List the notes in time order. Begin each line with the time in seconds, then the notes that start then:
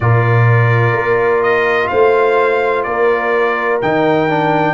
0.00 A#2 F4 A#4 D5
0.92 A#3
1.42 D#5
1.87 A3 C5 F5
2.83 A#3 A#4 D5
3.81 D#3 D#4 G5
4.28 D4